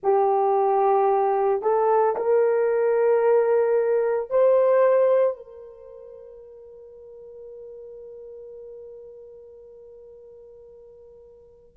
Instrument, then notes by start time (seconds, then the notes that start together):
horn
0.03 G4
1.62 A4
2.15 A#4
4.30 C5
5.36 A#4